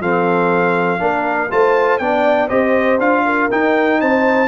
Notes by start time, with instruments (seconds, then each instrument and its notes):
0.00 tuba F3, trombone C4, horn A4, trumpet F5
0.99 tuba A#3, trombone D4, horn A#4
1.50 tuba A3, trombone F4, horn C5, trumpet A5
1.98 tuba B3, trombone D4, horn D5, trumpet G5
2.48 tuba C4, trombone G4, horn C5, trumpet D#5
2.99 tuba D4, trombone F4, trumpet F5
3.25 horn A#4
3.51 trombone D#4, tuba D#4, trumpet G5
4.00 tuba C4, horn C5, trumpet A5